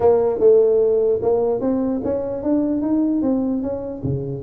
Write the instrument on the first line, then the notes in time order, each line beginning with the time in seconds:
tuba
0.00 A#3
0.39 A3
1.22 A#3
1.61 C4
2.04 C#4
2.43 D4
2.81 D#4
3.22 C4
3.62 C#4
4.03 C#3